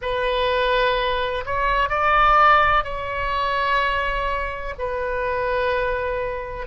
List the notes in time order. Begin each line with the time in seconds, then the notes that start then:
0.01 B4
1.45 C#5
1.89 D5
2.84 C#5
4.78 B4